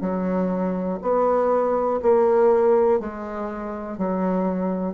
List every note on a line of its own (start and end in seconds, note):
0.00 0.98 F#3
1.01 2.00 B3
2.02 3.00 A#3
3.00 3.97 G#3
3.97 4.94 F#3